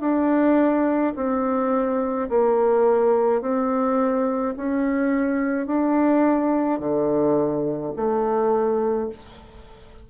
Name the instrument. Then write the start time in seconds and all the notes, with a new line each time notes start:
bassoon
0.00 D4
1.15 C4
2.29 A#3
3.41 C4
4.56 C#4
5.66 D4
6.79 D3
7.96 A3